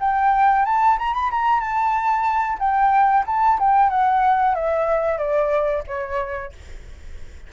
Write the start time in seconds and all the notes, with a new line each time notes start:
0.00 G5
0.65 A5
0.98 A#5
1.14 B5
1.31 A#5
1.60 A5
2.59 G5
3.26 A5
3.59 G5
3.90 F#5
4.55 E5
5.18 D5
5.87 C#5